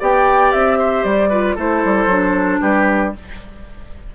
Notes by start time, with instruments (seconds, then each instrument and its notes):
0.00 bassoon B3, clarinet G4, oboe D5, flute G5
0.53 bassoon C4, flute E5
0.79 oboe C5
1.04 bassoon G3, flute D5
1.29 clarinet F4, oboe B4
1.56 bassoon A3, clarinet E4, oboe A4, flute C5
1.85 bassoon G3
2.07 bassoon F#3, clarinet D4
2.61 bassoon G3, oboe G4, flute B4